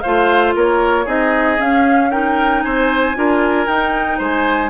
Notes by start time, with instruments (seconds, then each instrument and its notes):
0.00 bassoon A3, clarinet F4, oboe C5, flute F5
0.55 bassoon A#3, oboe A#4, flute C#5
1.05 bassoon C4, clarinet D#4, oboe G#4, flute D#5
1.57 clarinet C#4, bassoon C#4, flute F5
2.10 clarinet D#4, oboe A#4, flute G5
2.62 bassoon C4, oboe C5, flute G#5
3.15 bassoon D4, clarinet F4, oboe A#4
3.67 bassoon D#4, clarinet D#4, flute G5
4.18 bassoon G#3, oboe C5, flute G#5